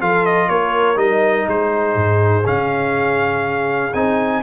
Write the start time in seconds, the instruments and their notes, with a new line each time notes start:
0.00 tuba F3, trombone F4, horn A4, trumpet F5
0.26 trumpet D#5
0.49 tuba A#3, horn A#4, trumpet C#5
0.96 tuba G3, trombone D#4, trumpet D#5
1.48 tuba G#3, horn G#4, trumpet C5
1.95 tuba G#2
2.45 tuba C#3, trombone C#4, trumpet F5
3.94 tuba C4, trombone D#4, trumpet G#5